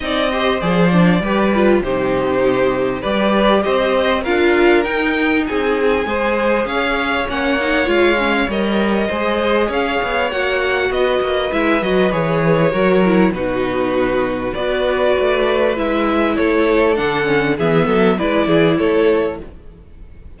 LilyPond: <<
  \new Staff \with { instrumentName = "violin" } { \time 4/4 \tempo 4 = 99 dis''4 d''2 c''4~ | c''4 d''4 dis''4 f''4 | g''4 gis''2 f''4 | fis''4 f''4 dis''2 |
f''4 fis''4 dis''4 e''8 dis''8 | cis''2 b'2 | d''2 e''4 cis''4 | fis''4 e''4 d''4 cis''4 | }
  \new Staff \with { instrumentName = "violin" } { \time 4/4 d''8 c''4. b'4 g'4~ | g'4 b'4 c''4 ais'4~ | ais'4 gis'4 c''4 cis''4~ | cis''2. c''4 |
cis''2 b'2~ | b'4 ais'4 fis'2 | b'2. a'4~ | a'4 gis'8 a'8 b'8 gis'8 a'4 | }
  \new Staff \with { instrumentName = "viola" } { \time 4/4 dis'8 g'8 gis'8 d'8 g'8 f'8 dis'4~ | dis'4 g'2 f'4 | dis'2 gis'2 | cis'8 dis'8 f'8 cis'8 ais'4 gis'4~ |
gis'4 fis'2 e'8 fis'8 | gis'4 fis'8 e'8 dis'2 | fis'2 e'2 | d'8 cis'8 b4 e'2 | }
  \new Staff \with { instrumentName = "cello" } { \time 4/4 c'4 f4 g4 c4~ | c4 g4 c'4 d'4 | dis'4 c'4 gis4 cis'4 | ais4 gis4 g4 gis4 |
cis'8 b8 ais4 b8 ais8 gis8 fis8 | e4 fis4 b,2 | b4 a4 gis4 a4 | d4 e8 fis8 gis8 e8 a4 | }
>>